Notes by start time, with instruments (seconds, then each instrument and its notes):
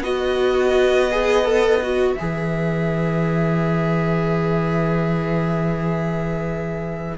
0.00 cello B3, viola F#4, violin B4 D#5
1.11 viola G#4
1.45 viola A4
1.82 viola F#4
2.14 viola G#4, violin E5
2.21 cello E3